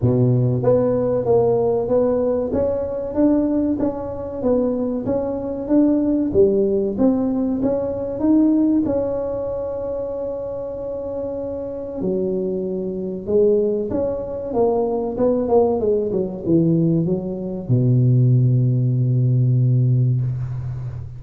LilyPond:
\new Staff \with { instrumentName = "tuba" } { \time 4/4 \tempo 4 = 95 b,4 b4 ais4 b4 | cis'4 d'4 cis'4 b4 | cis'4 d'4 g4 c'4 | cis'4 dis'4 cis'2~ |
cis'2. fis4~ | fis4 gis4 cis'4 ais4 | b8 ais8 gis8 fis8 e4 fis4 | b,1 | }